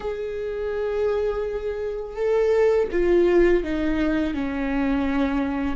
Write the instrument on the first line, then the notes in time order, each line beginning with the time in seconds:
viola
0.00 G#4
2.16 A4
2.91 F4
3.63 D#4
4.33 C#4